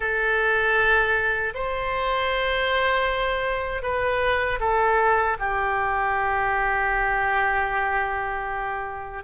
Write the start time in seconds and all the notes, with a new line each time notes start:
0.00 A4
1.54 C5
3.82 B4
4.60 A4
5.39 G4